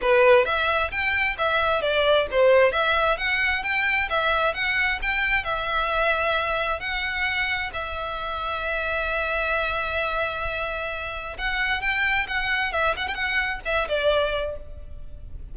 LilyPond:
\new Staff \with { instrumentName = "violin" } { \time 4/4 \tempo 4 = 132 b'4 e''4 g''4 e''4 | d''4 c''4 e''4 fis''4 | g''4 e''4 fis''4 g''4 | e''2. fis''4~ |
fis''4 e''2.~ | e''1~ | e''4 fis''4 g''4 fis''4 | e''8 fis''16 g''16 fis''4 e''8 d''4. | }